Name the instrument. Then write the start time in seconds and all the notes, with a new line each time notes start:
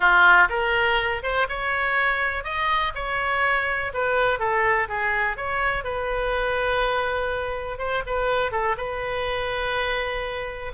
oboe
0.00 F4
0.49 A#4
1.22 C5
1.49 C#5
2.43 D#5
2.94 C#5
3.93 B4
4.39 A4
4.88 G#4
5.36 C#5
5.84 B4
7.78 C5
8.06 B4
8.51 A4
8.77 B4